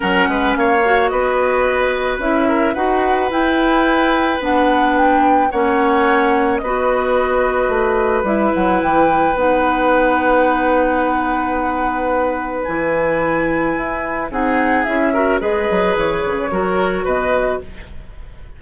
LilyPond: <<
  \new Staff \with { instrumentName = "flute" } { \time 4/4 \tempo 4 = 109 fis''4 f''4 dis''2 | e''4 fis''4 g''2 | fis''4 g''4 fis''2 | dis''2. e''8 fis''8 |
g''4 fis''2.~ | fis''2. gis''4~ | gis''2 fis''4 e''4 | dis''4 cis''2 dis''4 | }
  \new Staff \with { instrumentName = "oboe" } { \time 4/4 ais'8 b'8 cis''4 b'2~ | b'8 ais'8 b'2.~ | b'2 cis''2 | b'1~ |
b'1~ | b'1~ | b'2 gis'4. ais'8 | b'2 ais'4 b'4 | }
  \new Staff \with { instrumentName = "clarinet" } { \time 4/4 cis'4. fis'2~ fis'8 | e'4 fis'4 e'2 | d'2 cis'2 | fis'2. e'4~ |
e'4 dis'2.~ | dis'2. e'4~ | e'2 dis'4 e'8 fis'8 | gis'2 fis'2 | }
  \new Staff \with { instrumentName = "bassoon" } { \time 4/4 fis8 gis8 ais4 b2 | cis'4 dis'4 e'2 | b2 ais2 | b2 a4 g8 fis8 |
e4 b2.~ | b2. e4~ | e4 e'4 c'4 cis'4 | gis8 fis8 e8 cis8 fis4 b,4 | }
>>